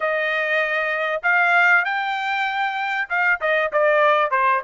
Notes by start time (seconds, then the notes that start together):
0.00 D#5
1.23 F5
1.84 G5
3.09 F5
3.40 D#5
3.72 D5
4.30 C5